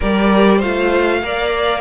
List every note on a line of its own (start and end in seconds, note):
0.00 0.62 G3
0.00 0.61 G4
0.00 0.57 A#4
0.00 0.61 D5
0.57 1.22 A3
0.57 1.23 F4
0.57 1.19 C5
0.57 1.81 F5
1.22 1.81 A#3
1.22 1.81 A#4
1.22 1.81 D5